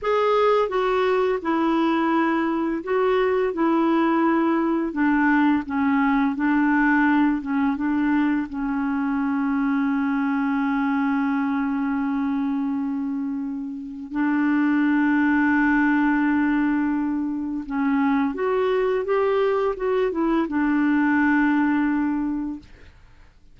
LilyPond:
\new Staff \with { instrumentName = "clarinet" } { \time 4/4 \tempo 4 = 85 gis'4 fis'4 e'2 | fis'4 e'2 d'4 | cis'4 d'4. cis'8 d'4 | cis'1~ |
cis'1 | d'1~ | d'4 cis'4 fis'4 g'4 | fis'8 e'8 d'2. | }